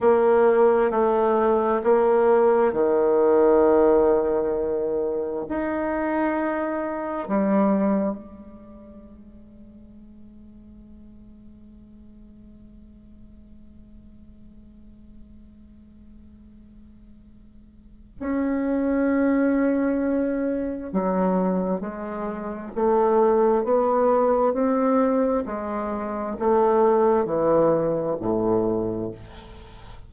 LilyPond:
\new Staff \with { instrumentName = "bassoon" } { \time 4/4 \tempo 4 = 66 ais4 a4 ais4 dis4~ | dis2 dis'2 | g4 gis2.~ | gis1~ |
gis1 | cis'2. fis4 | gis4 a4 b4 c'4 | gis4 a4 e4 a,4 | }